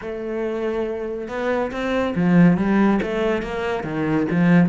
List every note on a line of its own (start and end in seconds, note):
0.01 1.28 A3
1.28 1.71 B3
1.71 2.14 C4
2.15 2.57 F3
2.57 3.00 G3
3.02 3.42 A3
3.42 3.83 A#3
3.83 4.26 D#3
4.30 4.69 F3